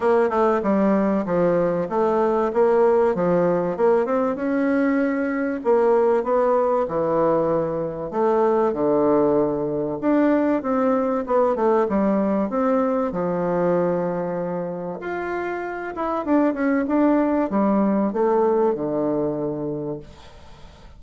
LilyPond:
\new Staff \with { instrumentName = "bassoon" } { \time 4/4 \tempo 4 = 96 ais8 a8 g4 f4 a4 | ais4 f4 ais8 c'8 cis'4~ | cis'4 ais4 b4 e4~ | e4 a4 d2 |
d'4 c'4 b8 a8 g4 | c'4 f2. | f'4. e'8 d'8 cis'8 d'4 | g4 a4 d2 | }